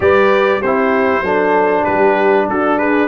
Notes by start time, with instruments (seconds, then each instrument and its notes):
0.00 tuba G3, trombone G4, horn B4, trumpet D5
0.61 tuba C4, trombone E4, horn G4, trumpet C5
1.20 tuba F#3, trombone D4, horn A4
1.82 tuba G3, horn G4, trumpet B4
2.48 tuba D4, horn F#4, trumpet A4
2.78 horn G#4, trumpet B4